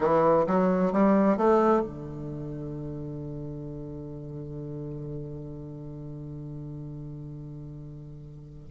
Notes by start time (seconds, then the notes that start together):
0.00 E3
0.47 F#3
0.92 G3
1.37 A3
1.81 D3